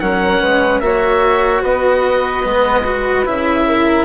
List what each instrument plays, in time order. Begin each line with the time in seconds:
0.00 bassoon F#3, cello C#4, flute A#4, oboe F#5
0.41 bassoon G#3, flute B4
0.80 bassoon A#3, cello F#4, flute C#5, oboe E5
1.62 bassoon B3, flute B4, oboe D#5
2.43 bassoon G#3, cello B3
2.84 cello F#4
3.26 bassoon C#3, cello E4, oboe E5
3.67 flute A#4